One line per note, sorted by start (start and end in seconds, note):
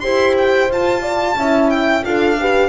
0.00 0.70 E4
0.00 0.71 G4
0.00 1.02 C5
0.00 0.34 C6
0.38 0.72 G5
0.70 1.36 F4
0.70 1.39 F4
0.70 1.70 A5
1.02 1.36 D5
1.36 2.03 C#4
1.36 2.04 E4
1.36 2.06 E5
1.70 2.04 G5
2.04 2.70 D4
2.04 2.37 F4
2.04 2.40 A4
2.04 2.70 F5
2.40 2.70 G4
2.40 2.70 B4